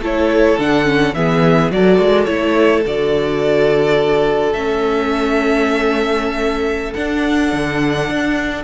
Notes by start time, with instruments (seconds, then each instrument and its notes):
0.00 cello A3, viola E4, violin A4 C#5
0.59 cello D3, viola D4, violin F#5
0.85 viola C#4
1.14 cello E3, viola B3, violin G#4 E5
1.71 cello F#3, viola F#4, violin A4 D5
1.99 cello G#3
2.25 cello A3, viola E4, violin C#5
2.86 cello D3, viola F#4, violin D5
4.53 cello A3, viola C#4, violin E5
6.94 viola D4, cello D4, violin F#5
7.53 cello D3
8.09 cello D4